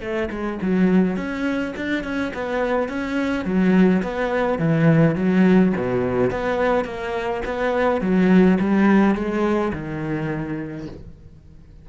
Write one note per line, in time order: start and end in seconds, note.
0.00 0.29 A3
0.30 0.58 G#3
0.61 1.16 F#3
1.16 1.73 C#4
1.76 2.03 D4
2.03 2.32 C#4
2.34 2.88 B3
2.88 3.45 C#4
3.45 4.02 F#3
4.02 4.58 B3
4.58 5.15 E3
5.15 5.72 F#3
5.76 6.30 B2
6.30 6.84 B3
6.84 7.41 A#3
7.45 8.01 B3
8.01 8.58 F#3
8.59 9.15 G3
9.15 9.72 G#3
9.73 10.87 D#3